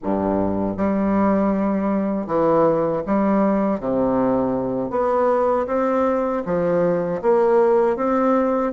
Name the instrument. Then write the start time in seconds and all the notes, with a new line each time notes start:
bassoon
0.03 G2
0.77 G3
2.26 E3
3.06 G3
3.80 C3
4.90 B3
5.66 C4
6.45 F3
7.22 A#3
7.96 C4